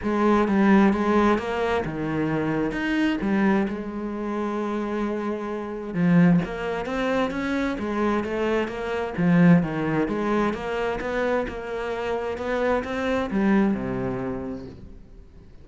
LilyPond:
\new Staff \with { instrumentName = "cello" } { \time 4/4 \tempo 4 = 131 gis4 g4 gis4 ais4 | dis2 dis'4 g4 | gis1~ | gis4 f4 ais4 c'4 |
cis'4 gis4 a4 ais4 | f4 dis4 gis4 ais4 | b4 ais2 b4 | c'4 g4 c2 | }